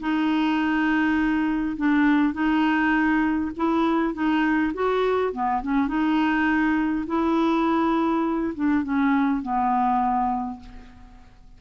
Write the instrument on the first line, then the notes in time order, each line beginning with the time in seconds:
clarinet
0.00 D#4
1.76 D4
2.33 D#4
3.57 E4
4.14 D#4
4.74 F#4
5.33 B3
5.62 C#4
5.88 D#4
7.07 E4
8.55 D4
8.83 C#4
9.42 B3